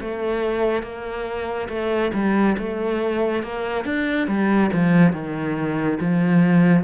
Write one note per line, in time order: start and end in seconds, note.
0.00 0.83 A3
0.83 1.68 A#3
1.68 2.11 A3
2.14 2.56 G3
2.58 3.42 A3
3.42 3.85 A#3
3.85 4.27 D4
4.27 4.70 G3
4.73 5.13 F3
5.13 5.98 D#3
6.00 6.84 F3